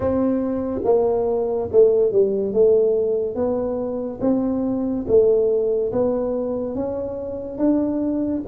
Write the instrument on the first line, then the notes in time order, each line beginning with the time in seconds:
tuba
0.00 C4
0.84 A#3
1.72 A3
2.12 G3
2.53 A3
3.35 B3
4.21 C4
5.07 A3
5.92 B3
6.75 C#4
7.57 D4